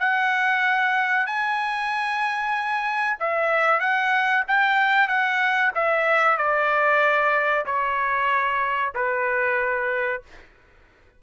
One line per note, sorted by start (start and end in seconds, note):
0.00 1.26 F#5
1.26 3.18 G#5
3.20 3.80 E5
3.80 4.44 F#5
4.48 5.08 G5
5.08 5.72 F#5
5.75 6.38 E5
6.38 7.66 D5
7.66 8.94 C#5
8.95 10.23 B4